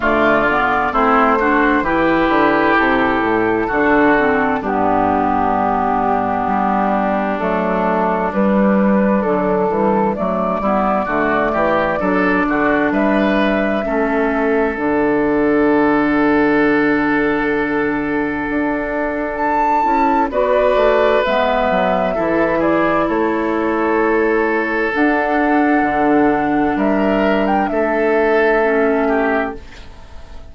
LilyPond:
<<
  \new Staff \with { instrumentName = "flute" } { \time 4/4 \tempo 4 = 65 d''4 c''4 b'4 a'4~ | a'4 g'2. | a'4 b'4 a'4 d''4~ | d''2 e''2 |
fis''1~ | fis''4 a''4 d''4 e''4~ | e''8 d''8 cis''2 fis''4~ | fis''4 e''8. g''16 e''2 | }
  \new Staff \with { instrumentName = "oboe" } { \time 4/4 f'4 e'8 fis'8 g'2 | fis'4 d'2.~ | d'2.~ d'8 e'8 | fis'8 g'8 a'8 fis'8 b'4 a'4~ |
a'1~ | a'2 b'2 | a'8 gis'8 a'2.~ | a'4 ais'4 a'4. g'8 | }
  \new Staff \with { instrumentName = "clarinet" } { \time 4/4 a8 b8 c'8 d'8 e'2 | d'8 c'8 b2. | a4 g4 fis8 g8 a8 b8 | a4 d'2 cis'4 |
d'1~ | d'4. e'8 fis'4 b4 | e'2. d'4~ | d'2. cis'4 | }
  \new Staff \with { instrumentName = "bassoon" } { \time 4/4 d4 a4 e8 d8 c8 a,8 | d4 g,2 g4 | fis4 g4 d8 e8 fis8 g8 | d8 e8 fis8 d8 g4 a4 |
d1 | d'4. cis'8 b8 a8 gis8 fis8 | e4 a2 d'4 | d4 g4 a2 | }
>>